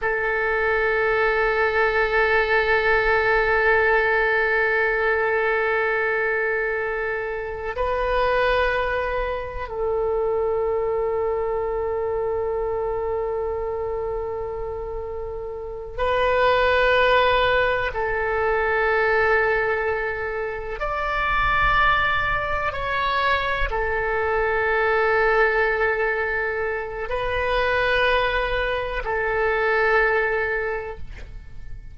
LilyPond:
\new Staff \with { instrumentName = "oboe" } { \time 4/4 \tempo 4 = 62 a'1~ | a'1 | b'2 a'2~ | a'1~ |
a'8 b'2 a'4.~ | a'4. d''2 cis''8~ | cis''8 a'2.~ a'8 | b'2 a'2 | }